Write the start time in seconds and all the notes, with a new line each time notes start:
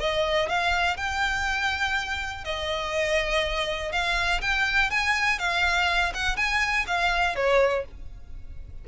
0.00 D#5
0.49 F5
0.97 G5
2.45 D#5
3.92 F5
4.42 G5
4.91 G#5
5.39 F5
6.15 F#5
6.37 G#5
6.87 F5
7.36 C#5